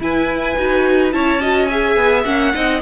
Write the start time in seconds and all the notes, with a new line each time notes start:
0.00 E4 B4 G#5
0.57 D#4 F#4
1.12 C#4 E4 C#5 A5
1.41 F#4 D#5
1.65 G#4 E5 G#5
1.96 B3
2.24 A#3 C#4 F#5
2.53 C4 D#4 D#5